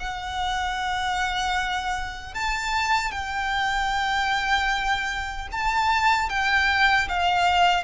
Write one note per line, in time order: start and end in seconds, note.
0.00 2.35 F#5
2.35 3.12 A5
3.12 5.49 G5
5.52 6.30 A5
6.30 7.09 G5
7.09 7.84 F5